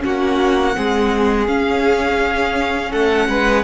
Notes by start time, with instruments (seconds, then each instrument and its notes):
0.00 cello A#3, viola C#4, violin F#4 F#5
0.75 cello G#3, viola C4, violin G#4
1.47 viola C#4, cello C#4, violin F5
2.89 cello A3, violin A4 F#5
3.28 cello G#3, violin B4